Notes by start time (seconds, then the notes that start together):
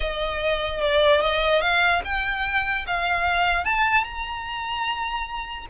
0.00 D#5
0.80 D5
1.21 D#5
1.61 F5
2.04 G5
2.86 F5
3.64 A5
4.04 A#5